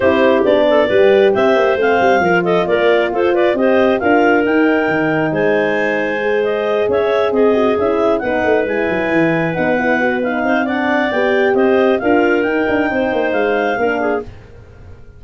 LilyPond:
<<
  \new Staff \with { instrumentName = "clarinet" } { \time 4/4 \tempo 4 = 135 c''4 d''2 e''4 | f''4. dis''8 d''4 c''8 d''8 | dis''4 f''4 g''2 | gis''2~ gis''8 dis''4 e''8~ |
e''8 dis''4 e''4 fis''4 gis''8~ | gis''4. fis''4. f''4 | fis''4 g''4 dis''4 f''4 | g''2 f''2 | }
  \new Staff \with { instrumentName = "clarinet" } { \time 4/4 g'4. a'8 b'4 c''4~ | c''4 ais'8 a'8 ais'4 a'8 b'8 | c''4 ais'2. | c''2.~ c''8 cis''8~ |
cis''8 gis'2 b'4.~ | b'2.~ b'8 c''8 | d''2 c''4 ais'4~ | ais'4 c''2 ais'8 gis'8 | }
  \new Staff \with { instrumentName = "horn" } { \time 4/4 e'4 d'4 g'2 | c'4 f'2. | g'4 f'4 dis'2~ | dis'2 gis'2~ |
gis'4 fis'8 e'4 dis'4 e'8~ | e'4. dis'8 e'8 fis'8 dis'4 | d'4 g'2 f'4 | dis'2. d'4 | }
  \new Staff \with { instrumentName = "tuba" } { \time 4/4 c'4 b4 g4 c'8 ais8 | a8 g8 f4 ais4 f'4 | c'4 d'4 dis'4 dis4 | gis2.~ gis8 cis'8~ |
cis'8 c'4 cis'4 b8 a8 gis8 | fis8 e4 b2 c'8~ | c'4 b4 c'4 d'4 | dis'8 d'8 c'8 ais8 gis4 ais4 | }
>>